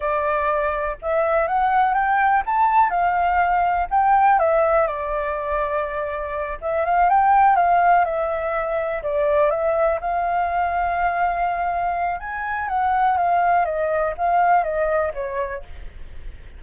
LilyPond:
\new Staff \with { instrumentName = "flute" } { \time 4/4 \tempo 4 = 123 d''2 e''4 fis''4 | g''4 a''4 f''2 | g''4 e''4 d''2~ | d''4. e''8 f''8 g''4 f''8~ |
f''8 e''2 d''4 e''8~ | e''8 f''2.~ f''8~ | f''4 gis''4 fis''4 f''4 | dis''4 f''4 dis''4 cis''4 | }